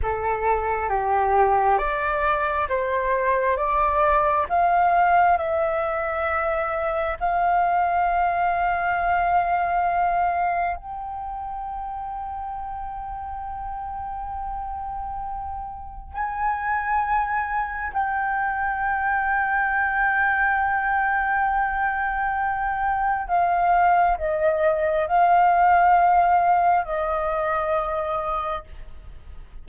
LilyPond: \new Staff \with { instrumentName = "flute" } { \time 4/4 \tempo 4 = 67 a'4 g'4 d''4 c''4 | d''4 f''4 e''2 | f''1 | g''1~ |
g''2 gis''2 | g''1~ | g''2 f''4 dis''4 | f''2 dis''2 | }